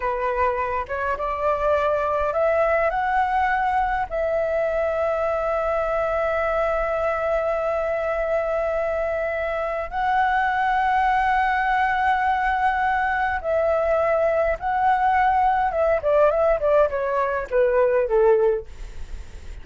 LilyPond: \new Staff \with { instrumentName = "flute" } { \time 4/4 \tempo 4 = 103 b'4. cis''8 d''2 | e''4 fis''2 e''4~ | e''1~ | e''1~ |
e''4 fis''2.~ | fis''2. e''4~ | e''4 fis''2 e''8 d''8 | e''8 d''8 cis''4 b'4 a'4 | }